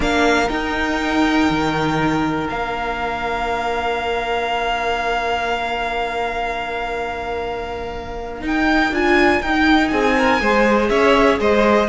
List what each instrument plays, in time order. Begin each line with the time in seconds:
0.00 cello A#3, viola D4, violin A#4 F5
0.48 viola D#4, cello D#4, violin G5
1.50 cello D#3
2.46 cello A#3, viola D4, violin F5
8.41 viola D#4, cello D#4, violin G5
8.91 cello D4, viola F4, violin G#5
9.41 cello D#4, viola D#4, violin G5
9.88 cello C4, violin G#4 G#5
10.16 violin A#4
10.39 cello G#3, viola G#4, violin C5
10.88 cello C#4, violin C#5 E5
11.39 cello G#3, violin C5 D#5